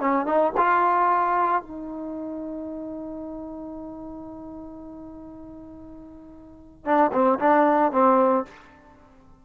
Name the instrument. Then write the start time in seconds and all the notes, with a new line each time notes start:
trombone
0.00 C#4
0.26 D#4
0.57 F4
1.62 D#4
6.85 D4
7.13 C4
7.39 D4
7.92 C4